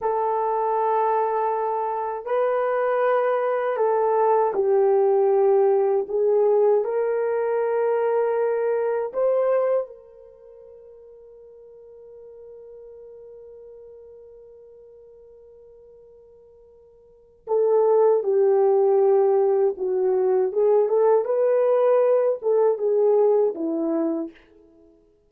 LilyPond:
\new Staff \with { instrumentName = "horn" } { \time 4/4 \tempo 4 = 79 a'2. b'4~ | b'4 a'4 g'2 | gis'4 ais'2. | c''4 ais'2.~ |
ais'1~ | ais'2. a'4 | g'2 fis'4 gis'8 a'8 | b'4. a'8 gis'4 e'4 | }